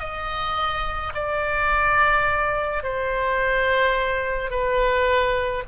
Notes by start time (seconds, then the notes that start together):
0.00 D#5
1.15 D5
2.84 C5
4.51 B4